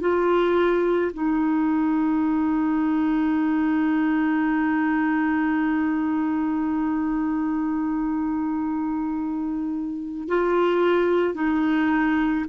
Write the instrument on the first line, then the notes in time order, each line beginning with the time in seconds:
clarinet
0.00 F4
1.13 D#4
10.28 F4
11.34 D#4